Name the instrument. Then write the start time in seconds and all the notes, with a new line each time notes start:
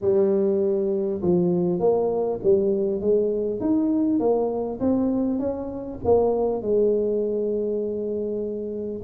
tuba
0.01 G3
1.21 F3
1.79 A#3
2.43 G3
3.00 G#3
3.60 D#4
4.19 A#3
4.79 C4
5.39 C#4
6.04 A#3
6.62 G#3